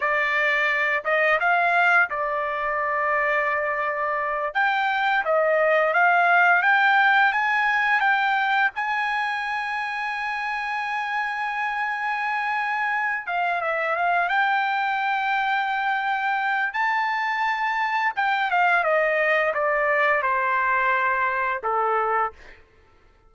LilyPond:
\new Staff \with { instrumentName = "trumpet" } { \time 4/4 \tempo 4 = 86 d''4. dis''8 f''4 d''4~ | d''2~ d''8 g''4 dis''8~ | dis''8 f''4 g''4 gis''4 g''8~ | g''8 gis''2.~ gis''8~ |
gis''2. f''8 e''8 | f''8 g''2.~ g''8 | a''2 g''8 f''8 dis''4 | d''4 c''2 a'4 | }